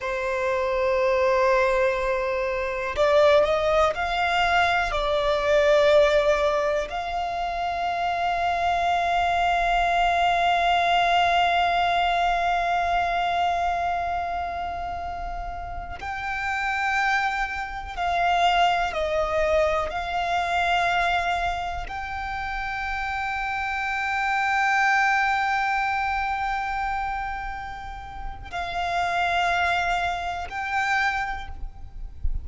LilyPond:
\new Staff \with { instrumentName = "violin" } { \time 4/4 \tempo 4 = 61 c''2. d''8 dis''8 | f''4 d''2 f''4~ | f''1~ | f''1~ |
f''16 g''2 f''4 dis''8.~ | dis''16 f''2 g''4.~ g''16~ | g''1~ | g''4 f''2 g''4 | }